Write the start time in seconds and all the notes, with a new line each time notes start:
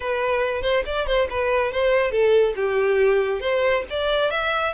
0.00 B4
0.62 C5
0.85 D5
1.06 C5
1.30 B4
1.71 C5
2.11 A4
2.56 G4
3.40 C5
3.90 D5
4.31 E5